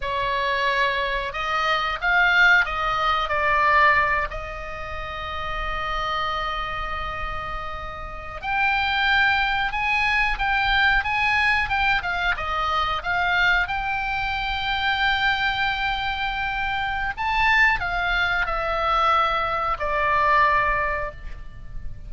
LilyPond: \new Staff \with { instrumentName = "oboe" } { \time 4/4 \tempo 4 = 91 cis''2 dis''4 f''4 | dis''4 d''4. dis''4.~ | dis''1~ | dis''8. g''2 gis''4 g''16~ |
g''8. gis''4 g''8 f''8 dis''4 f''16~ | f''8. g''2.~ g''16~ | g''2 a''4 f''4 | e''2 d''2 | }